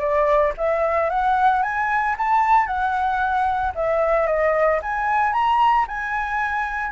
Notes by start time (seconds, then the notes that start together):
0.00 D5
0.58 E5
1.10 F#5
1.63 G#5
2.18 A5
2.67 F#5
3.75 E5
4.27 D#5
4.82 G#5
5.33 A#5
5.88 G#5